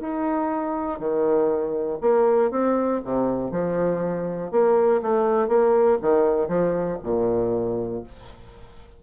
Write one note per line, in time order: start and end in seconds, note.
0.00 0.99 D#4
0.99 1.99 D#3
2.01 2.51 A#3
2.51 3.01 C4
3.04 3.51 C3
3.51 4.51 F3
4.51 5.01 A#3
5.02 5.48 A3
5.48 5.98 A#3
6.02 6.48 D#3
6.48 6.98 F3
7.03 8.03 A#2